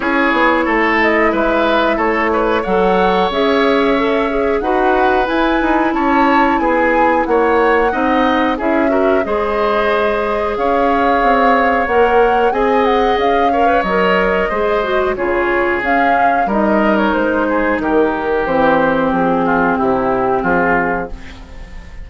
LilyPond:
<<
  \new Staff \with { instrumentName = "flute" } { \time 4/4 \tempo 4 = 91 cis''4. dis''8 e''4 cis''4 | fis''4 e''2 fis''4 | gis''4 a''4 gis''4 fis''4~ | fis''4 e''4 dis''2 |
f''2 fis''4 gis''8 fis''8 | f''4 dis''2 cis''4 | f''4 dis''8. cis''16 c''4 ais'4 | c''4 gis'4 g'4 gis'4 | }
  \new Staff \with { instrumentName = "oboe" } { \time 4/4 gis'4 a'4 b'4 a'8 b'8 | cis''2. b'4~ | b'4 cis''4 gis'4 cis''4 | dis''4 gis'8 ais'8 c''2 |
cis''2. dis''4~ | dis''8 cis''4. c''4 gis'4~ | gis'4 ais'4. gis'8 g'4~ | g'4. f'8 e'4 f'4 | }
  \new Staff \with { instrumentName = "clarinet" } { \time 4/4 e'1 | a'4 gis'4 a'8 gis'8 fis'4 | e'1 | dis'4 e'8 fis'8 gis'2~ |
gis'2 ais'4 gis'4~ | gis'8 ais'16 b'16 ais'4 gis'8 fis'8 f'4 | cis'4 dis'2. | c'1 | }
  \new Staff \with { instrumentName = "bassoon" } { \time 4/4 cis'8 b8 a4 gis4 a4 | fis4 cis'2 dis'4 | e'8 dis'8 cis'4 b4 ais4 | c'4 cis'4 gis2 |
cis'4 c'4 ais4 c'4 | cis'4 fis4 gis4 cis4 | cis'4 g4 gis4 dis4 | e4 f4 c4 f4 | }
>>